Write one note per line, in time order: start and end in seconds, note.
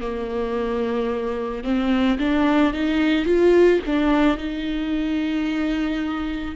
0.00 1.63 A#3
1.63 2.18 C4
2.18 2.73 D4
2.73 3.25 D#4
3.25 3.80 F4
3.86 4.37 D4
4.37 6.55 D#4